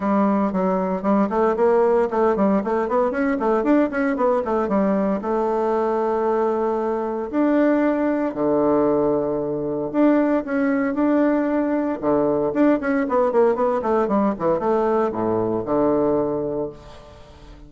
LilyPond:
\new Staff \with { instrumentName = "bassoon" } { \time 4/4 \tempo 4 = 115 g4 fis4 g8 a8 ais4 | a8 g8 a8 b8 cis'8 a8 d'8 cis'8 | b8 a8 g4 a2~ | a2 d'2 |
d2. d'4 | cis'4 d'2 d4 | d'8 cis'8 b8 ais8 b8 a8 g8 e8 | a4 a,4 d2 | }